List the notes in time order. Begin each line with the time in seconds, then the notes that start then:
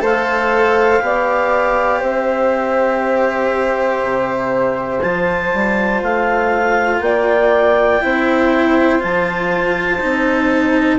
0.00 A3 A4 C5 F5
1.00 B3 G4 D5
2.00 C4 C5 E5
4.04 C3
5.02 F3 F4 A5
5.54 G3
6.03 A3 F5
7.01 A#3 D5 G5
8.02 C4 E4 C5
8.99 F3 F4 A5
10.00 C4 D#4